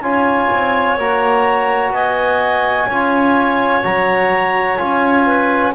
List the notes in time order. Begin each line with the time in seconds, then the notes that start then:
0.00 C#4 F4 C#5 G#5
0.53 C4
0.98 A#3 F#4 A#5
1.90 B3 D#5 G#5
2.87 C#4 F4 C#5
3.83 F#3 F#4 A#5
4.77 C#4 F4 G#5
5.25 B4